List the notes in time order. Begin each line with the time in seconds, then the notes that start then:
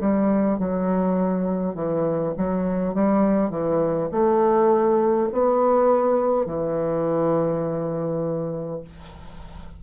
0.00 G3
0.58 F#3
1.74 E3
2.37 F#3
2.94 G3
3.50 E3
4.11 A3
5.32 B3
6.45 E3